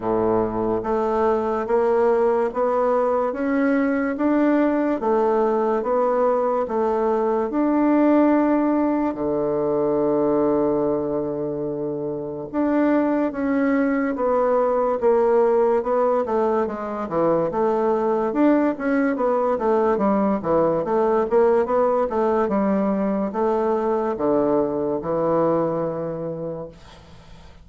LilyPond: \new Staff \with { instrumentName = "bassoon" } { \time 4/4 \tempo 4 = 72 a,4 a4 ais4 b4 | cis'4 d'4 a4 b4 | a4 d'2 d4~ | d2. d'4 |
cis'4 b4 ais4 b8 a8 | gis8 e8 a4 d'8 cis'8 b8 a8 | g8 e8 a8 ais8 b8 a8 g4 | a4 d4 e2 | }